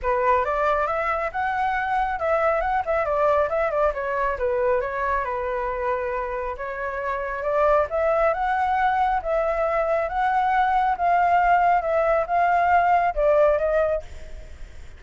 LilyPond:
\new Staff \with { instrumentName = "flute" } { \time 4/4 \tempo 4 = 137 b'4 d''4 e''4 fis''4~ | fis''4 e''4 fis''8 e''8 d''4 | e''8 d''8 cis''4 b'4 cis''4 | b'2. cis''4~ |
cis''4 d''4 e''4 fis''4~ | fis''4 e''2 fis''4~ | fis''4 f''2 e''4 | f''2 d''4 dis''4 | }